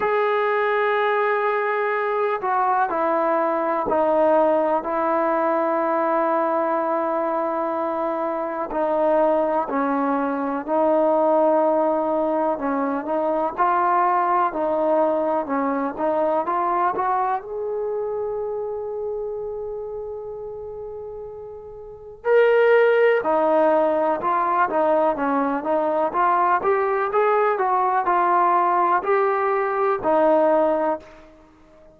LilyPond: \new Staff \with { instrumentName = "trombone" } { \time 4/4 \tempo 4 = 62 gis'2~ gis'8 fis'8 e'4 | dis'4 e'2.~ | e'4 dis'4 cis'4 dis'4~ | dis'4 cis'8 dis'8 f'4 dis'4 |
cis'8 dis'8 f'8 fis'8 gis'2~ | gis'2. ais'4 | dis'4 f'8 dis'8 cis'8 dis'8 f'8 g'8 | gis'8 fis'8 f'4 g'4 dis'4 | }